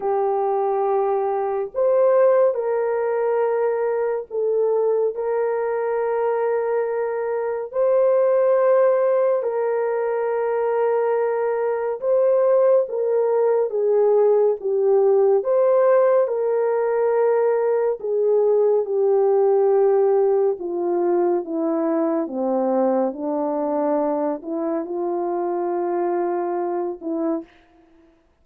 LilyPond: \new Staff \with { instrumentName = "horn" } { \time 4/4 \tempo 4 = 70 g'2 c''4 ais'4~ | ais'4 a'4 ais'2~ | ais'4 c''2 ais'4~ | ais'2 c''4 ais'4 |
gis'4 g'4 c''4 ais'4~ | ais'4 gis'4 g'2 | f'4 e'4 c'4 d'4~ | d'8 e'8 f'2~ f'8 e'8 | }